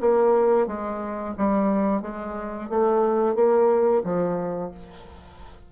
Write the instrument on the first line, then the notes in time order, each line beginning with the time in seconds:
bassoon
0.00 A#3
0.67 G#3
1.37 G3
2.02 G#3
2.69 A3
3.35 A#3
4.03 F3